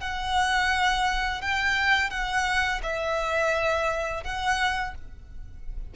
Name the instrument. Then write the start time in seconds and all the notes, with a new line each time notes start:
violin
0.00 F#5
1.41 G5
2.10 F#5
2.82 E5
4.24 F#5